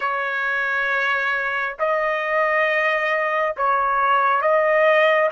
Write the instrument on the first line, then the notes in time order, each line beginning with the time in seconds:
trumpet
0.00 C#5
1.79 D#5
3.56 C#5
4.41 D#5